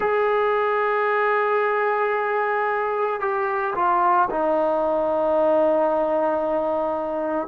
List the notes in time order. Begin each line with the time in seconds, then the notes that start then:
0.00 G#4
3.20 G4
3.75 F4
4.30 D#4